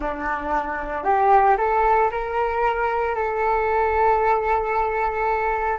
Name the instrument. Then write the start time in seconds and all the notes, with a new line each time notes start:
flute
0.00 D4
1.03 G4
1.57 A4
2.11 A#4
3.15 A4